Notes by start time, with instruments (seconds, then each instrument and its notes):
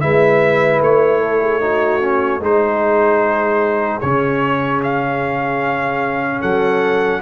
0.00 tuba G#3, trombone E4, horn B4, trumpet E5
0.80 tuba A3, trumpet C#5
1.20 horn A4
1.41 horn G#4
1.60 trombone D#4, horn F#4
2.00 trombone C#4
2.40 tuba G#3, trombone D#4, horn G#4, trumpet C5
4.00 tuba C#3, trombone C#4, trumpet C#5
4.83 trumpet F5
6.40 tuba F#3, horn A4, trumpet F#5